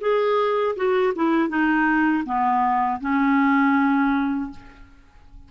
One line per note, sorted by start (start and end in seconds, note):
0.00 0.75 G#4
0.76 1.13 F#4
1.15 1.49 E4
1.49 2.24 D#4
2.25 3.00 B3
3.00 4.50 C#4